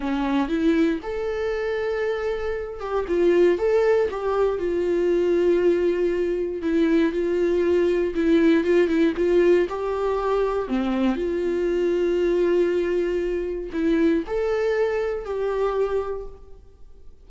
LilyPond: \new Staff \with { instrumentName = "viola" } { \time 4/4 \tempo 4 = 118 cis'4 e'4 a'2~ | a'4. g'8 f'4 a'4 | g'4 f'2.~ | f'4 e'4 f'2 |
e'4 f'8 e'8 f'4 g'4~ | g'4 c'4 f'2~ | f'2. e'4 | a'2 g'2 | }